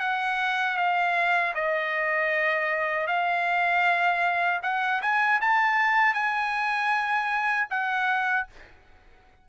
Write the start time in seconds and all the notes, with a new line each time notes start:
0.00 F#5
0.77 F5
1.55 D#5
3.07 F5
4.63 F#5
5.02 G#5
5.41 A5
6.14 G#5
7.70 F#5